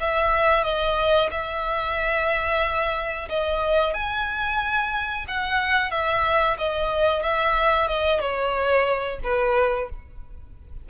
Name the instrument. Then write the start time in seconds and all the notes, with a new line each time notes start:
violin
0.00 E5
0.64 D#5
1.31 E5
3.28 D#5
3.94 G#5
5.27 F#5
5.91 E5
6.58 D#5
7.22 E5
7.87 D#5
8.20 C#5
9.23 B4